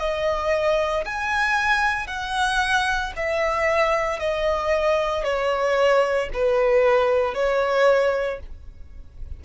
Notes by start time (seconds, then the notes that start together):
0.00 D#5
1.05 G#5
2.08 F#5
3.17 E5
4.20 D#5
5.24 C#5
6.33 B4
7.34 C#5